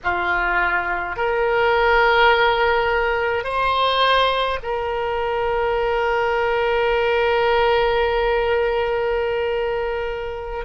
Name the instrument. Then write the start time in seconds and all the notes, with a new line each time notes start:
oboe
0.03 F4
1.16 A#4
3.44 C5
4.63 A#4